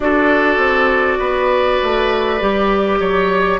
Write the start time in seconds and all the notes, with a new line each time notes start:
0.00 D4 F#4 A4 D5
0.57 C4
1.19 B3 B4
1.82 A3
2.40 G3 G4
3.00 F#3 C#5